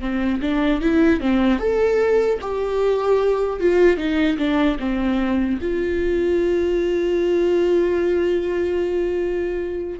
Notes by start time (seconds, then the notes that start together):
0.00 C4
0.41 D4
0.81 E4
1.20 C4
1.59 A4
2.41 G4
3.60 F4
3.97 D#4
4.38 D4
4.79 C4
5.61 F4